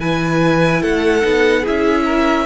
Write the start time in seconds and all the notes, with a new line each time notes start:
0.00 E3 E4 B4 G#5
0.83 A3 A4 F#5
1.23 B3 D#4
1.62 E4 G#4 E5
1.69 C#4
2.05 A#4